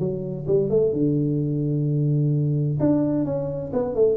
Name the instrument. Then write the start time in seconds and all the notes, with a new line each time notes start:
tuba
0.00 F#3
0.47 G3
0.70 A3
0.93 D3
2.80 D4
3.26 C#4
3.73 B3
3.96 A3